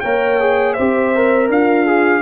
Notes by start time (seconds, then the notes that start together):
0.00 A#3 A#4 C#5 G5
0.40 G#4
0.73 C4 G4 C5 E5
1.15 A#4
1.49 D4 F4 F5
1.86 G#4